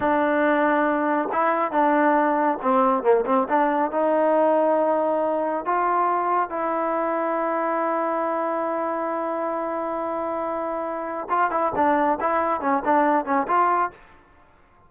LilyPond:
\new Staff \with { instrumentName = "trombone" } { \time 4/4 \tempo 4 = 138 d'2. e'4 | d'2 c'4 ais8 c'8 | d'4 dis'2.~ | dis'4 f'2 e'4~ |
e'1~ | e'1~ | e'2 f'8 e'8 d'4 | e'4 cis'8 d'4 cis'8 f'4 | }